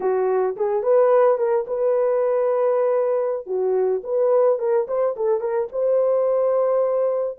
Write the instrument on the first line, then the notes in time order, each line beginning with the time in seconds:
horn
0.00 F#4
0.56 G#4
0.82 B4
1.38 A#4
1.67 B4
3.46 F#4
4.03 B4
4.58 A#4
4.87 C5
5.16 A4
5.40 A#4
5.72 C5